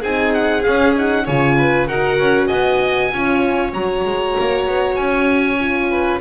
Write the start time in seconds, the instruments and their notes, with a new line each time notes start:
0.00 double bass C4, horn D#4, violin G#4, oboe G#5
0.34 oboe F#5
0.63 horn C#4, double bass C#4, oboe F5
0.95 horn D#4, oboe F#5
1.24 double bass C#3, horn F4, violin C#5, oboe G#5
1.58 violin B4
1.88 double bass D#4, horn F#4, violin A#4, oboe F#5
2.19 double bass C#4
2.47 double bass B3, violin D#5, oboe G#5
3.13 double bass C#4, horn F4, violin C#5
3.73 double bass F#3, horn F#4, oboe A#5
4.05 double bass G#3
4.40 double bass A#3
4.67 double bass B3
4.96 double bass C#4, oboe G#5
5.60 horn F4
5.90 violin B4